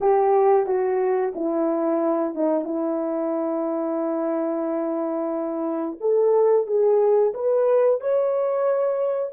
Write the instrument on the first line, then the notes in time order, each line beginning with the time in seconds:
horn
0.00 G4
0.66 F#4
1.35 E4
2.35 D#4
2.64 E4
6.00 A4
6.66 G#4
7.34 B4
8.01 C#5